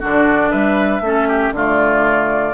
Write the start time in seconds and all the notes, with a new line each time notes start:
0.00 D3 D4 F#4 D5
0.51 G3 B4 E5
1.01 A3 C#4 A4
1.28 G4
1.52 D3 A3 F4 D5